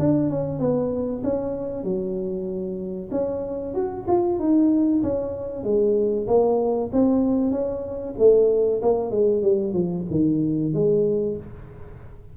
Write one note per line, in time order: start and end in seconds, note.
0.00 0.30 D4
0.30 0.60 C#4
0.60 1.23 B3
1.24 1.84 C#4
1.84 3.10 F#3
3.12 3.75 C#4
3.75 4.07 F#4
4.08 4.40 F4
4.40 5.03 D#4
5.03 5.64 C#4
5.64 6.27 G#3
6.28 6.91 A#3
6.93 7.52 C4
7.52 8.15 C#4
8.19 8.82 A3
8.82 9.11 A#3
9.11 9.43 G#3
9.43 9.74 G3
9.74 10.05 F3
10.11 10.74 D#3
10.74 11.37 G#3